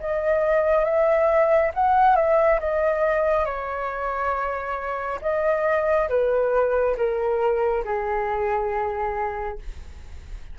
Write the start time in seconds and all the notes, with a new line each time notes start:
0.00 D#5
0.85 E5
1.75 F#5
2.16 E5
2.60 D#5
3.46 C#5
5.22 D#5
6.09 B4
6.98 A#4
7.85 G#4